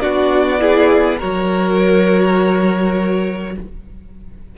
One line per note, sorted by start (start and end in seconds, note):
0.00 1.22 B3
0.00 0.59 D4
0.00 0.60 F#4
0.00 1.18 D5
0.59 1.18 E4
0.59 1.17 G#4
1.17 3.58 F#3
1.17 3.56 F#4
1.17 3.53 A#4
1.17 3.55 C#5